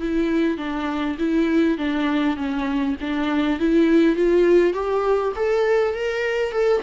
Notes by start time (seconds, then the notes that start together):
0.00 E4
0.57 D4
1.18 E4
1.77 D4
2.36 C#4
3.00 D4
3.59 E4
4.16 F4
4.73 G4
5.35 A4
5.94 A#4
6.51 A4